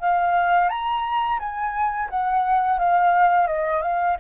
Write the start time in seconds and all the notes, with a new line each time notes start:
0.00 F5
0.69 A#5
1.40 G#5
2.10 F#5
2.79 F5
3.48 D#5
3.82 F5